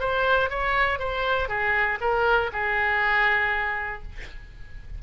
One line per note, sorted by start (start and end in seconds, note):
0.00 0.50 C5
0.50 1.00 C#5
1.00 1.49 C5
1.49 1.99 G#4
2.01 2.51 A#4
2.53 4.03 G#4